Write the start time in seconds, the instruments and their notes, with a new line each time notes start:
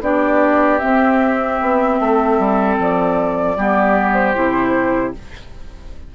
0.00 bassoon B3, clarinet D4, oboe G4, flute D5
0.78 clarinet C4, bassoon C4, flute E5
1.60 bassoon B3
1.99 bassoon A3, oboe A4
2.38 bassoon G3
2.78 bassoon F3, flute D5
3.56 bassoon G3, clarinet B3, oboe G4
4.13 flute C5
4.34 bassoon C3, clarinet E4